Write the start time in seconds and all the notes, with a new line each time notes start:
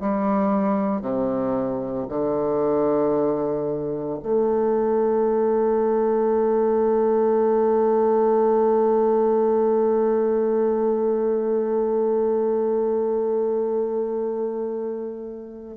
0.00 G3
1.01 C3
2.08 D3
4.22 A3